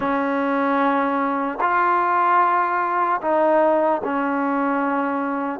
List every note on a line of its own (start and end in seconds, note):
0.00 1.59 C#4
1.60 3.20 F4
3.21 4.01 D#4
4.04 5.60 C#4